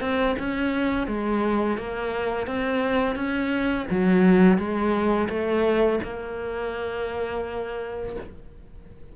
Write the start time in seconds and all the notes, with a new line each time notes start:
0.00 C4
0.39 C#4
1.07 G#3
1.77 A#3
2.47 C4
3.15 C#4
3.90 F#3
4.58 G#3
5.29 A3
6.04 A#3